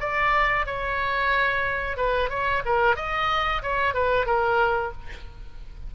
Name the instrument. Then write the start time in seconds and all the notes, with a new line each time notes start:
oboe
0.00 D5
0.66 C#5
1.97 B4
2.29 C#5
2.65 A#4
2.96 D#5
3.62 C#5
3.94 B4
4.26 A#4